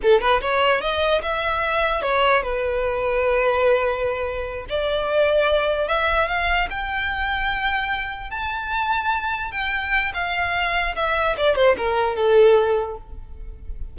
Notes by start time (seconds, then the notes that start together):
0.02 A4
0.20 B4
0.41 C#5
0.81 D#5
1.22 E5
2.02 C#5
2.43 B4
4.69 D5
5.88 E5
6.27 F5
6.69 G5
8.30 A5
9.51 G5
10.14 F5
10.95 E5
11.37 D5
11.55 C5
11.77 A#4
12.16 A4